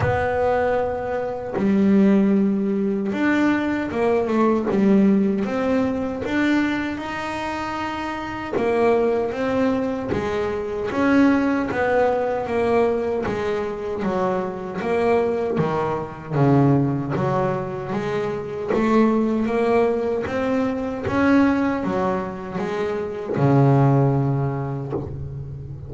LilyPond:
\new Staff \with { instrumentName = "double bass" } { \time 4/4 \tempo 4 = 77 b2 g2 | d'4 ais8 a8 g4 c'4 | d'4 dis'2 ais4 | c'4 gis4 cis'4 b4 |
ais4 gis4 fis4 ais4 | dis4 cis4 fis4 gis4 | a4 ais4 c'4 cis'4 | fis4 gis4 cis2 | }